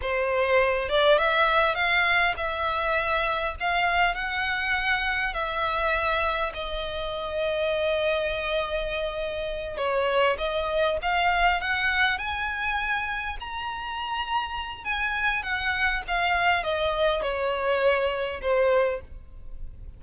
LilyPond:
\new Staff \with { instrumentName = "violin" } { \time 4/4 \tempo 4 = 101 c''4. d''8 e''4 f''4 | e''2 f''4 fis''4~ | fis''4 e''2 dis''4~ | dis''1~ |
dis''8 cis''4 dis''4 f''4 fis''8~ | fis''8 gis''2 ais''4.~ | ais''4 gis''4 fis''4 f''4 | dis''4 cis''2 c''4 | }